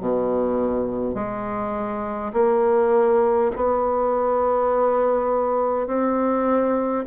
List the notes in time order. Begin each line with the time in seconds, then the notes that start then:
0.00 B2
1.14 G#3
2.33 A#3
3.56 B3
5.87 C4